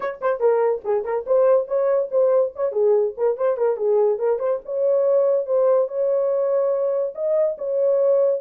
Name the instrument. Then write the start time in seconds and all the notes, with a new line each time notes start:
horn
0.00 C#5
0.21 C5
0.39 A#4
0.84 G#4
1.04 A#4
1.26 C5
1.67 C#5
2.11 C5
2.55 C#5
2.72 G#4
3.17 A#4
3.37 C5
3.57 A#4
3.76 G#4
4.18 A#4
4.39 C5
4.65 C#5
5.46 C5
5.87 C#5
7.14 D#5
7.58 C#5